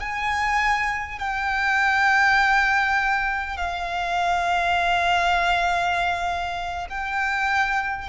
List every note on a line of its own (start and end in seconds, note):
0.00 1.19 G#5
1.19 3.57 G5
3.57 6.87 F5
6.89 8.09 G5